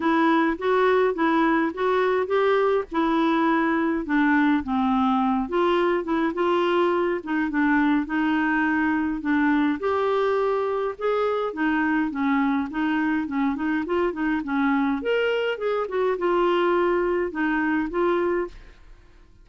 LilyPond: \new Staff \with { instrumentName = "clarinet" } { \time 4/4 \tempo 4 = 104 e'4 fis'4 e'4 fis'4 | g'4 e'2 d'4 | c'4. f'4 e'8 f'4~ | f'8 dis'8 d'4 dis'2 |
d'4 g'2 gis'4 | dis'4 cis'4 dis'4 cis'8 dis'8 | f'8 dis'8 cis'4 ais'4 gis'8 fis'8 | f'2 dis'4 f'4 | }